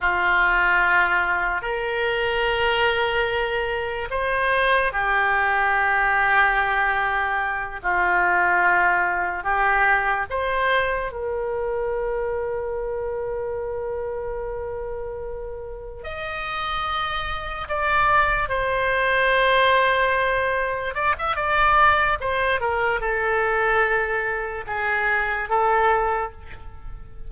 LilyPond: \new Staff \with { instrumentName = "oboe" } { \time 4/4 \tempo 4 = 73 f'2 ais'2~ | ais'4 c''4 g'2~ | g'4. f'2 g'8~ | g'8 c''4 ais'2~ ais'8~ |
ais'2.~ ais'8 dis''8~ | dis''4. d''4 c''4.~ | c''4. d''16 e''16 d''4 c''8 ais'8 | a'2 gis'4 a'4 | }